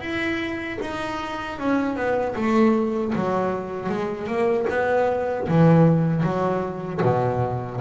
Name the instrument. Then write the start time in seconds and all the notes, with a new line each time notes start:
double bass
0.00 E4
0.81 D#4
1.58 C#4
1.96 B3
2.35 A3
3.15 F#3
3.89 G#3
4.27 A#3
4.69 B3
5.48 E3
6.23 F#3
7.02 B2